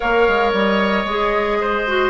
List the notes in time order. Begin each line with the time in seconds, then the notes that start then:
0.00 A#3 A#4 C#5 F5
0.28 G#3
0.53 G3 D#5
1.04 G#3 G#4
1.61 C5
1.87 F#4